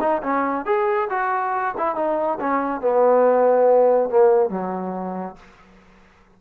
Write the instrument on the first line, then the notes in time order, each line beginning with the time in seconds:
trombone
0.00 D#4
0.23 C#4
0.66 G#4
1.10 F#4
1.77 E4
1.95 D#4
2.40 C#4
2.81 B3
4.10 A#3
4.50 F#3